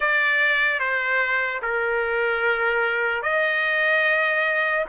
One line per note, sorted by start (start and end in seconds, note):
0.00 0.79 D5
0.79 1.60 C5
1.62 3.22 A#4
3.22 4.84 D#5